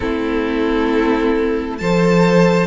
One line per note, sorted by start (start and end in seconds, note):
0.00 1.80 A3
0.00 1.79 C4
0.00 1.80 E4
0.00 1.78 A4
1.78 2.66 F3
1.78 2.66 A4
1.78 2.66 C5
1.78 2.66 A5